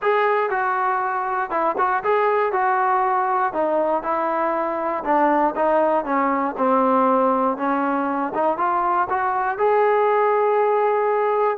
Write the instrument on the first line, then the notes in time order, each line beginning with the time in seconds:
trombone
0.02 G#4
0.50 F#4
1.50 E4
1.78 F#4
2.03 G#4
2.52 F#4
3.53 D#4
4.02 E4
5.04 D4
5.55 D#4
6.04 C#4
6.57 C4
7.57 C#4
8.34 D#4
8.57 F4
9.09 F#4
9.58 G#4